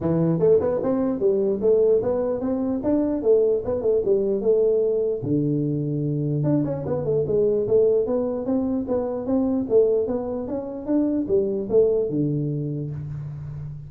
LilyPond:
\new Staff \with { instrumentName = "tuba" } { \time 4/4 \tempo 4 = 149 e4 a8 b8 c'4 g4 | a4 b4 c'4 d'4 | a4 b8 a8 g4 a4~ | a4 d2. |
d'8 cis'8 b8 a8 gis4 a4 | b4 c'4 b4 c'4 | a4 b4 cis'4 d'4 | g4 a4 d2 | }